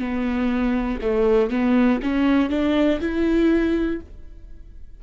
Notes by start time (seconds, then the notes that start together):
0.00 B3
1.02 A3
1.51 B3
2.03 C#4
2.50 D4
3.01 E4